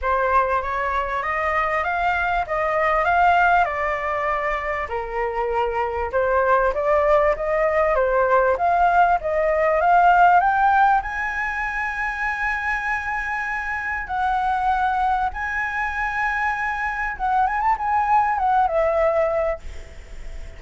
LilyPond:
\new Staff \with { instrumentName = "flute" } { \time 4/4 \tempo 4 = 98 c''4 cis''4 dis''4 f''4 | dis''4 f''4 d''2 | ais'2 c''4 d''4 | dis''4 c''4 f''4 dis''4 |
f''4 g''4 gis''2~ | gis''2. fis''4~ | fis''4 gis''2. | fis''8 gis''16 a''16 gis''4 fis''8 e''4. | }